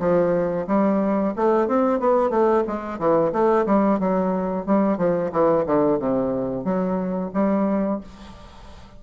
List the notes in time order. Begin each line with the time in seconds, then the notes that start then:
0.00 F3
0.68 G3
1.36 A3
1.68 C4
2.00 B3
2.30 A3
2.67 G#3
2.99 E3
3.32 A3
3.66 G3
4.00 F#3
4.66 G3
4.98 F3
5.32 E3
5.66 D3
6.00 C3
6.65 F#3
7.34 G3